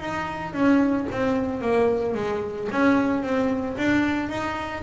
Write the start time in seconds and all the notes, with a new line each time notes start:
0.00 D#4
0.54 C#4
1.12 C4
1.61 A#3
2.15 G#3
2.72 C#4
3.23 C4
3.77 D4
4.30 D#4